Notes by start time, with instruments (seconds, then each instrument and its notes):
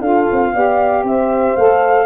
0.00 tuba D4, saxophone F4, horn A4, flute F5
0.32 tuba C4
0.53 tuba B3, saxophone G4, horn D5
1.03 tuba C4, horn C5, flute E5
1.56 tuba A3, saxophone A4, flute F5